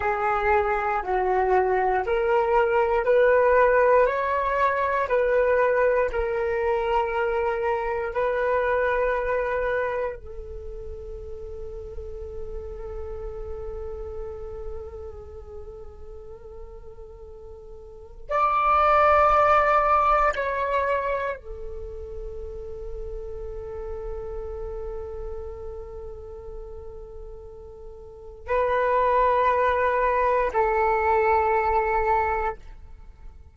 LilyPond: \new Staff \with { instrumentName = "flute" } { \time 4/4 \tempo 4 = 59 gis'4 fis'4 ais'4 b'4 | cis''4 b'4 ais'2 | b'2 a'2~ | a'1~ |
a'2 d''2 | cis''4 a'2.~ | a'1 | b'2 a'2 | }